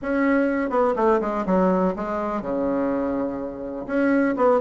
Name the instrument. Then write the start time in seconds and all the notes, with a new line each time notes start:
bassoon
0.02 C#4
0.70 B3
0.96 A3
1.21 G#3
1.46 F#3
1.96 G#3
2.41 C#3
3.86 C#4
4.36 B3